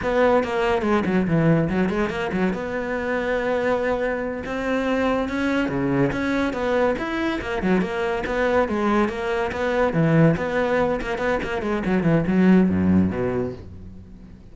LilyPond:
\new Staff \with { instrumentName = "cello" } { \time 4/4 \tempo 4 = 142 b4 ais4 gis8 fis8 e4 | fis8 gis8 ais8 fis8 b2~ | b2~ b8 c'4.~ | c'8 cis'4 cis4 cis'4 b8~ |
b8 e'4 ais8 fis8 ais4 b8~ | b8 gis4 ais4 b4 e8~ | e8 b4. ais8 b8 ais8 gis8 | fis8 e8 fis4 fis,4 b,4 | }